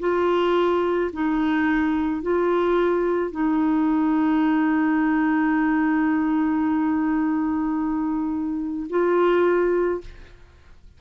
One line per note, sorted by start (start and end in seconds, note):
0.00 1.11 F4
1.13 2.23 D#4
2.23 3.32 F4
3.32 8.87 D#4
8.90 10.02 F4